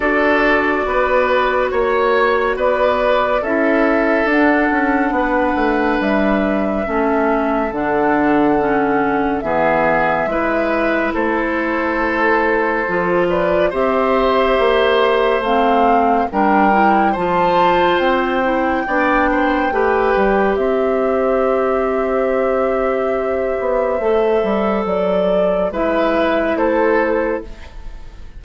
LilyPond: <<
  \new Staff \with { instrumentName = "flute" } { \time 4/4 \tempo 4 = 70 d''2 cis''4 d''4 | e''4 fis''2 e''4~ | e''4 fis''2 e''4~ | e''4 c''2~ c''8 d''8 |
e''2 f''4 g''4 | a''4 g''2. | e''1~ | e''4 d''4 e''4 c''4 | }
  \new Staff \with { instrumentName = "oboe" } { \time 4/4 a'4 b'4 cis''4 b'4 | a'2 b'2 | a'2. gis'4 | b'4 a'2~ a'8 b'8 |
c''2. ais'4 | c''2 d''8 c''8 b'4 | c''1~ | c''2 b'4 a'4 | }
  \new Staff \with { instrumentName = "clarinet" } { \time 4/4 fis'1 | e'4 d'2. | cis'4 d'4 cis'4 b4 | e'2. f'4 |
g'2 c'4 d'8 e'8 | f'4. e'8 d'4 g'4~ | g'1 | a'2 e'2 | }
  \new Staff \with { instrumentName = "bassoon" } { \time 4/4 d'4 b4 ais4 b4 | cis'4 d'8 cis'8 b8 a8 g4 | a4 d2 e4 | gis4 a2 f4 |
c'4 ais4 a4 g4 | f4 c'4 b4 a8 g8 | c'2.~ c'8 b8 | a8 g8 fis4 gis4 a4 | }
>>